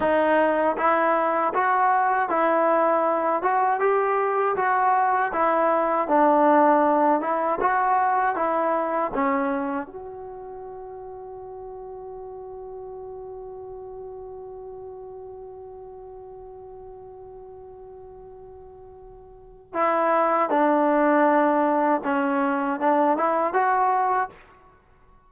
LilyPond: \new Staff \with { instrumentName = "trombone" } { \time 4/4 \tempo 4 = 79 dis'4 e'4 fis'4 e'4~ | e'8 fis'8 g'4 fis'4 e'4 | d'4. e'8 fis'4 e'4 | cis'4 fis'2.~ |
fis'1~ | fis'1~ | fis'2 e'4 d'4~ | d'4 cis'4 d'8 e'8 fis'4 | }